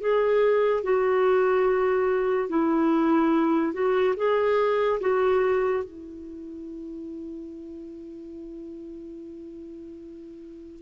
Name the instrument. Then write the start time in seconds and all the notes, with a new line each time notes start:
clarinet
0.00 G#4
0.83 F#4
2.48 E4
3.72 F#4
4.16 G#4
5.00 F#4
5.83 E4